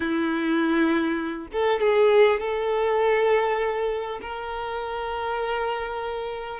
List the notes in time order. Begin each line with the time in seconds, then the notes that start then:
0.00 E4
1.52 A4
1.80 G#4
2.40 A4
4.21 A#4